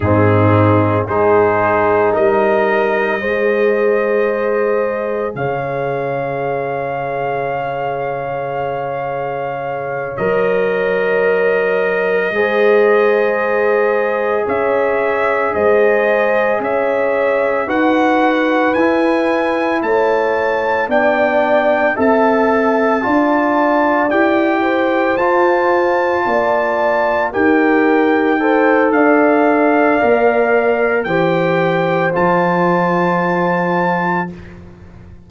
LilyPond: <<
  \new Staff \with { instrumentName = "trumpet" } { \time 4/4 \tempo 4 = 56 gis'4 c''4 dis''2~ | dis''4 f''2.~ | f''4. dis''2~ dis''8~ | dis''4. e''4 dis''4 e''8~ |
e''8 fis''4 gis''4 a''4 g''8~ | g''8 a''2 g''4 a''8~ | a''4. g''4. f''4~ | f''4 g''4 a''2 | }
  \new Staff \with { instrumentName = "horn" } { \time 4/4 dis'4 gis'4 ais'4 c''4~ | c''4 cis''2.~ | cis''2.~ cis''8 c''8~ | c''4. cis''4 c''4 cis''8~ |
cis''8 b'2 cis''4 d''8~ | d''8 e''4 d''4. c''4~ | c''8 d''4 ais'4 c''8 d''4~ | d''4 c''2. | }
  \new Staff \with { instrumentName = "trombone" } { \time 4/4 c'4 dis'2 gis'4~ | gis'1~ | gis'4. ais'2 gis'8~ | gis'1~ |
gis'8 fis'4 e'2 d'8~ | d'8 a'4 f'4 g'4 f'8~ | f'4. g'4 a'4. | ais'4 g'4 f'2 | }
  \new Staff \with { instrumentName = "tuba" } { \time 4/4 gis,4 gis4 g4 gis4~ | gis4 cis2.~ | cis4. fis2 gis8~ | gis4. cis'4 gis4 cis'8~ |
cis'8 dis'4 e'4 a4 b8~ | b8 c'4 d'4 e'4 f'8~ | f'8 ais4 dis'4. d'4 | ais4 e4 f2 | }
>>